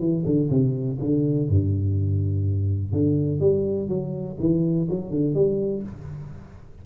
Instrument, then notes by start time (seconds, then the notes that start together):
tuba
0.00 E3
0.26 D3
0.50 C3
1.01 D3
1.49 G2
2.93 D3
3.40 G3
3.88 F#3
4.40 E3
4.90 F#3
5.11 D3
5.35 G3